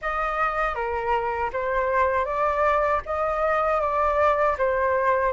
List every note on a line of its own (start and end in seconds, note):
0.01 0.74 D#5
0.74 1.50 A#4
1.53 2.25 C5
2.25 3.01 D5
3.05 3.80 D#5
3.80 4.56 D5
4.58 5.32 C5